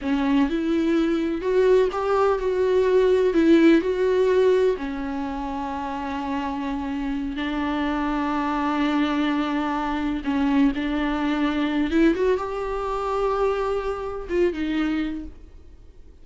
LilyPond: \new Staff \with { instrumentName = "viola" } { \time 4/4 \tempo 4 = 126 cis'4 e'2 fis'4 | g'4 fis'2 e'4 | fis'2 cis'2~ | cis'2.~ cis'8 d'8~ |
d'1~ | d'4. cis'4 d'4.~ | d'4 e'8 fis'8 g'2~ | g'2 f'8 dis'4. | }